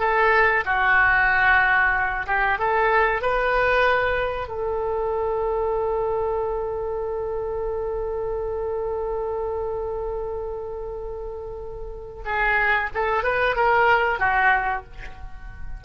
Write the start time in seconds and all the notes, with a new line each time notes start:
0.00 A4
0.66 F#4
2.27 G4
2.59 A4
3.22 B4
4.48 A4
12.26 G#4
12.95 A4
13.24 B4
13.56 A#4
14.20 F#4